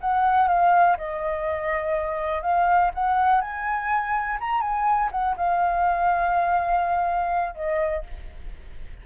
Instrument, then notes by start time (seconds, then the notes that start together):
flute
0.00 F#5
0.48 F5
0.97 D#5
2.42 F5
2.94 F#5
3.41 G#5
4.40 A#5
4.61 G#5
5.11 F#5
5.36 F5
7.54 D#5